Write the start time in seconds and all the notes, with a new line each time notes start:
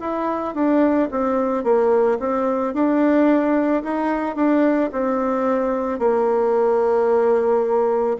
0.00 E4
0.54 D4
1.11 C4
1.64 A#3
2.19 C4
2.73 D4
3.83 D#4
4.35 D4
4.92 C4
5.99 A#3